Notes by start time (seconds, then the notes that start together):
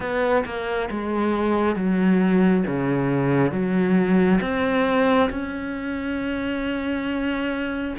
0.00 B3
0.45 A#3
0.90 G#3
1.75 F#3
2.67 C#3
3.51 F#3
4.41 C4
5.30 C#4